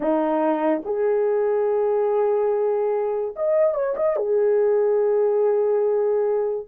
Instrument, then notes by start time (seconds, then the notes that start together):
horn
0.00 D#4
0.84 G#4
3.35 D#5
3.74 C#5
3.96 D#5
4.16 G#4